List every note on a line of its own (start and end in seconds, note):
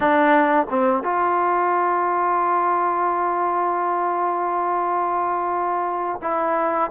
0.00 0.66 D4
0.69 1.03 C4
1.03 6.20 F4
6.21 6.90 E4